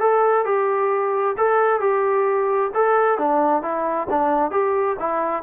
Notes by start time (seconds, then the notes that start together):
0.00 A4
0.45 G4
1.38 A4
1.80 G4
2.75 A4
3.18 D4
3.62 E4
4.10 D4
4.51 G4
4.99 E4